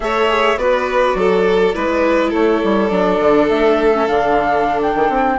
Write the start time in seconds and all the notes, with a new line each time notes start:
0.00 A3 A4 C#5 E5
0.28 G#4
0.57 B3 F#4 B4 D5
1.14 F#3 A4
1.73 G#3 E4 B4
2.30 A3 A4 C#5
2.63 G3
2.88 F#3 D4 D5
3.20 D3
3.49 A3 E5
3.93 C#4
4.07 D3 D4 F5
4.82 G5
4.95 D#3
5.09 C4